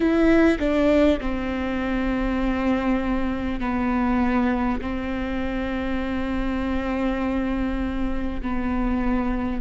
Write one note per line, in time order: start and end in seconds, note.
0.00 0.57 E4
0.59 1.19 D4
1.20 3.59 C4
3.59 4.79 B3
4.81 8.41 C4
8.41 9.61 B3